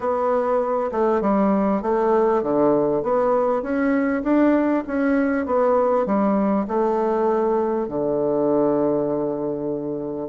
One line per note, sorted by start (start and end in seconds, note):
0.00 0.90 B3
0.91 1.21 A3
1.21 1.82 G3
1.82 2.42 A3
2.42 3.02 D3
3.02 3.62 B3
3.62 4.23 C#4
4.23 4.83 D4
4.87 5.46 C#4
5.46 6.06 B3
6.06 6.66 G3
6.67 7.88 A3
7.88 10.28 D3